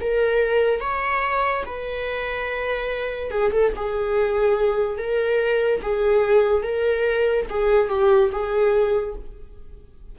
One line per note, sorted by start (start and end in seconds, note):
0.00 0.80 A#4
0.80 1.64 C#5
1.65 3.31 B4
3.31 3.52 G#4
3.52 3.73 A4
3.75 4.98 G#4
4.98 5.81 A#4
5.82 6.62 G#4
6.62 7.46 A#4
7.49 7.88 G#4
7.88 8.30 G4
8.31 9.15 G#4